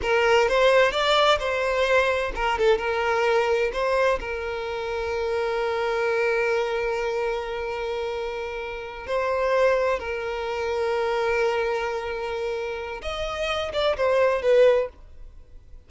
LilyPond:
\new Staff \with { instrumentName = "violin" } { \time 4/4 \tempo 4 = 129 ais'4 c''4 d''4 c''4~ | c''4 ais'8 a'8 ais'2 | c''4 ais'2.~ | ais'1~ |
ais'2.~ ais'8 c''8~ | c''4. ais'2~ ais'8~ | ais'1 | dis''4. d''8 c''4 b'4 | }